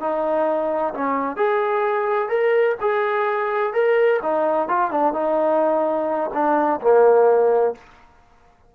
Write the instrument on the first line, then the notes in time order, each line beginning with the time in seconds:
trombone
0.00 D#4
0.94 C#4
1.36 G#4
2.29 A#4
2.81 G#4
3.73 A#4
4.23 D#4
4.69 F4
4.91 D4
5.13 D#4
6.33 D4
6.81 A#3